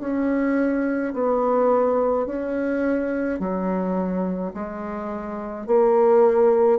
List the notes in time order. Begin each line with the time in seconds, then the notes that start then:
0.00 C#4
1.13 B3
2.26 C#4
3.39 F#3
4.54 G#3
5.67 A#3